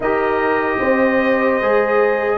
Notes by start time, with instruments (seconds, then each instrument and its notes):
0.00 tuba D#4, trombone G4, horn A#4, trumpet D#5
0.79 tuba C4, horn C5
1.61 tuba G#3, trombone G#4